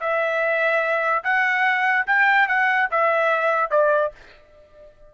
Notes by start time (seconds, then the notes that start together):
0.00 E5
1.24 F#5
2.07 G5
2.48 F#5
2.91 E5
3.70 D5